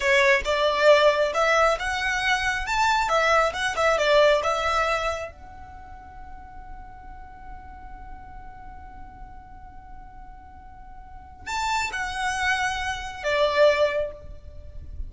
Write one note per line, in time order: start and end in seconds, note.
0.00 0.42 C#5
0.44 1.32 D5
1.34 1.78 E5
1.79 2.66 F#5
2.66 3.08 A5
3.08 3.53 E5
3.53 3.75 F#5
3.76 3.97 E5
3.97 4.42 D5
4.43 5.31 E5
5.31 11.46 F#5
11.46 11.90 A5
11.92 13.23 F#5
13.23 14.11 D5